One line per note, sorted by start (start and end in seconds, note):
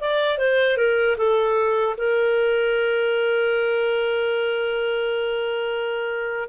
0.00 0.38 D5
0.38 0.77 C5
0.77 1.16 A#4
1.17 1.96 A4
1.97 6.48 A#4